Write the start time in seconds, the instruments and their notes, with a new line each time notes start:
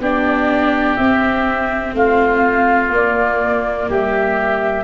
0.00 tuba B3, viola D4, oboe G4, flute D5
0.96 tuba C4, viola C4, flute E5
1.94 tuba A3, oboe F4, flute F5
2.91 tuba A#3, viola A#3, flute D5
3.89 tuba G3, oboe G4, flute E5